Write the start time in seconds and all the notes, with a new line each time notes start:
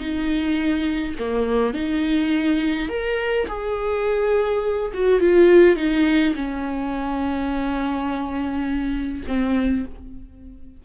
0.00 D#4
1.19 A#3
1.74 D#4
2.90 A#4
3.48 G#4
4.94 F#4
5.21 F4
5.77 D#4
6.36 C#4
9.28 C4